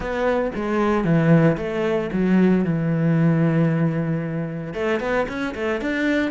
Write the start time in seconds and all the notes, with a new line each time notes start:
0.00 B3
0.55 G#3
1.04 E3
1.57 A3
2.12 F#3
2.64 E3
4.73 A3
5.00 B3
5.28 C#4
5.55 A3
5.81 D4